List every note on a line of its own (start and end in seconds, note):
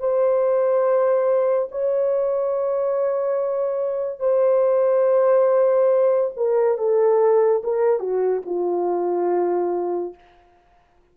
0.00 1.69 C5
1.72 4.20 C#5
4.20 6.31 C5
6.37 6.78 A#4
6.78 7.63 A4
7.64 8.00 A#4
8.00 8.42 F#4
8.46 10.15 F4